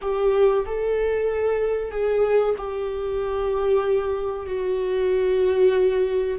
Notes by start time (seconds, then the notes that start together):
0.01 G4
0.66 A4
1.91 G#4
2.57 G4
4.46 F#4